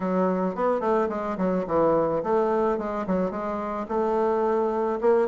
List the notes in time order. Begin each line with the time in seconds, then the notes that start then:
0.00 F#3
0.55 B3
0.80 A3
1.09 G#3
1.37 F#3
1.67 E3
2.23 A3
2.78 G#3
3.07 F#3
3.31 G#3
3.88 A3
5.00 A#3